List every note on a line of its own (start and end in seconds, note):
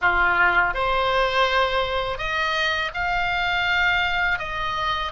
0.01 0.74 F4
0.74 2.18 C5
2.18 2.91 D#5
2.94 4.38 F5
4.38 5.12 D#5